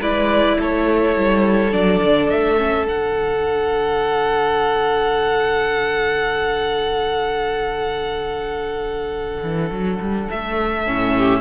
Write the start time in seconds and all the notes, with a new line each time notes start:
0.00 G#3 E4 B4 D5
0.59 A3 A4 C#5
1.15 G3
1.71 F#3 D4 D5
2.02 D3
2.29 A3 E5
2.57 C#4
2.85 D3 D4 F#5
9.43 E3
9.70 F#3
10.00 G3
10.30 A3 E5
10.86 A2 C#4
11.18 G4